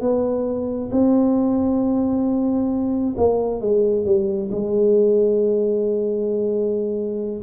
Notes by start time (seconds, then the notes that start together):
0.00 B3
0.91 C4
3.17 A#3
3.61 G#3
4.05 G3
4.51 G#3